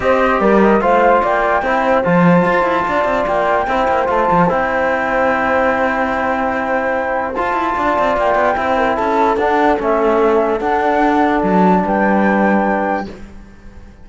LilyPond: <<
  \new Staff \with { instrumentName = "flute" } { \time 4/4 \tempo 4 = 147 dis''4 d''8 dis''8 f''4 g''4~ | g''4 a''2. | g''2 a''4 g''4~ | g''1~ |
g''2 a''2 | g''2 a''4 fis''4 | e''2 fis''2 | a''4 g''2. | }
  \new Staff \with { instrumentName = "horn" } { \time 4/4 c''4 ais'4 c''4 d''4 | c''2. d''4~ | d''4 c''2.~ | c''1~ |
c''2. d''4~ | d''4 c''8 ais'8 a'2~ | a'1~ | a'4 b'2. | }
  \new Staff \with { instrumentName = "trombone" } { \time 4/4 g'2 f'2 | e'4 f'2.~ | f'4 e'4 f'4 e'4~ | e'1~ |
e'2 f'2~ | f'4 e'2 d'4 | cis'2 d'2~ | d'1 | }
  \new Staff \with { instrumentName = "cello" } { \time 4/4 c'4 g4 a4 ais4 | c'4 f4 f'8 e'8 d'8 c'8 | ais4 c'8 ais8 a8 f8 c'4~ | c'1~ |
c'2 f'8 e'8 d'8 c'8 | ais8 b8 c'4 cis'4 d'4 | a2 d'2 | fis4 g2. | }
>>